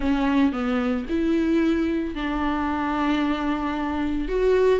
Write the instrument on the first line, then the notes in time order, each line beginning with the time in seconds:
viola
0.00 C#4
0.52 B3
1.09 E4
2.14 D4
4.28 F#4